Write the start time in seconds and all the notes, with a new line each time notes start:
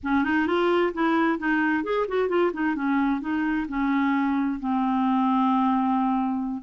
0.03 C#4
0.24 D#4
0.46 F4
0.93 E4
1.39 D#4
1.83 G#4
2.07 F#4
2.28 F4
2.53 D#4
2.75 C#4
3.20 D#4
3.68 C#4
4.59 C4